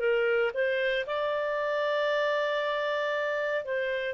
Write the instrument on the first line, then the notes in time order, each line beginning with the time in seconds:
clarinet
0.00 A#4
0.55 C5
1.07 D5
3.65 C5